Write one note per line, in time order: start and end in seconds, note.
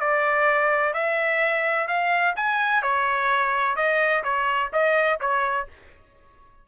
0.00 0.93 D5
0.93 1.87 E5
1.87 2.35 F5
2.36 2.82 G#5
2.82 3.76 C#5
3.76 4.23 D#5
4.23 4.71 C#5
4.72 5.20 D#5
5.20 5.67 C#5